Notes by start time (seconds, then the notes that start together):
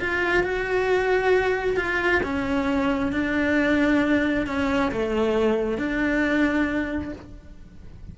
0.00 F4
0.43 F#4
1.76 F4
2.23 C#4
3.12 D4
4.47 C#4
4.92 A3
5.78 D4